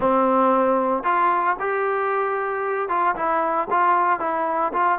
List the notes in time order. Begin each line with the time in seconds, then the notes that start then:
0.00 C4
1.03 F4
1.59 G4
2.89 F4
3.15 E4
3.70 F4
4.19 E4
4.73 F4